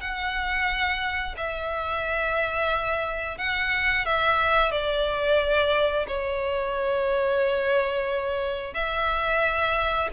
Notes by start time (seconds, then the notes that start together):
0.00 F#5
1.36 E5
3.37 F#5
4.05 E5
4.71 D5
6.07 C#5
8.74 E5